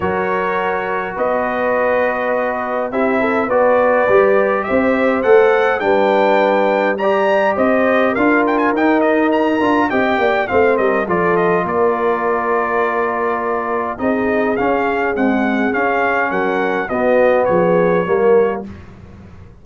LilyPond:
<<
  \new Staff \with { instrumentName = "trumpet" } { \time 4/4 \tempo 4 = 103 cis''2 dis''2~ | dis''4 e''4 d''2 | e''4 fis''4 g''2 | ais''4 dis''4 f''8 g''16 gis''16 g''8 dis''8 |
ais''4 g''4 f''8 dis''8 d''8 dis''8 | d''1 | dis''4 f''4 fis''4 f''4 | fis''4 dis''4 cis''2 | }
  \new Staff \with { instrumentName = "horn" } { \time 4/4 ais'2 b'2~ | b'4 g'8 a'8 b'2 | c''2 b'2 | d''4 c''4 ais'2~ |
ais'4 dis''8 d''8 c''8 ais'8 a'4 | ais'1 | gis'1 | ais'4 fis'4 gis'4 ais'4 | }
  \new Staff \with { instrumentName = "trombone" } { \time 4/4 fis'1~ | fis'4 e'4 fis'4 g'4~ | g'4 a'4 d'2 | g'2 f'4 dis'4~ |
dis'8 f'8 g'4 c'4 f'4~ | f'1 | dis'4 cis'4 gis4 cis'4~ | cis'4 b2 ais4 | }
  \new Staff \with { instrumentName = "tuba" } { \time 4/4 fis2 b2~ | b4 c'4 b4 g4 | c'4 a4 g2~ | g4 c'4 d'4 dis'4~ |
dis'8 d'8 c'8 ais8 a8 g8 f4 | ais1 | c'4 cis'4 c'4 cis'4 | fis4 b4 f4 g4 | }
>>